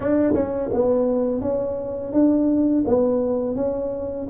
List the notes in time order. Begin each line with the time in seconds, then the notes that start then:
0.00 D4
0.34 C#4
0.73 B3
1.41 C#4
2.12 D4
2.86 B3
3.55 C#4